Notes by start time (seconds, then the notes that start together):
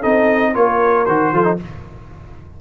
0.00 C4 D#4 A4 D#5
0.54 A#3 F4 A#4 C#5
1.06 D#3 F#4 C5
1.32 F3 F4 A4
1.44 D#4